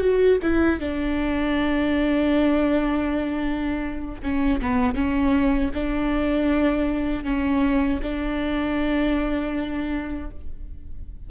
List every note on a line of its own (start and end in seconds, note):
0.00 0.38 F#4
0.42 0.79 E4
0.79 4.21 D4
4.22 4.60 C#4
4.61 4.95 B3
4.95 5.71 C#4
5.74 7.24 D4
7.24 8.00 C#4
8.02 10.30 D4